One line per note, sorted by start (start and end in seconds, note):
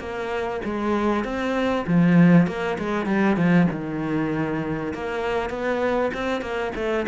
0.00 0.61 A#3
0.65 1.25 G#3
1.25 1.86 C4
1.88 2.48 F3
2.48 2.78 A#3
2.79 3.06 G#3
3.06 3.37 G3
3.37 3.68 F3
3.71 4.94 D#3
4.94 5.50 A#3
5.50 6.12 B3
6.14 6.42 C4
6.42 6.72 A#3
6.76 7.07 A3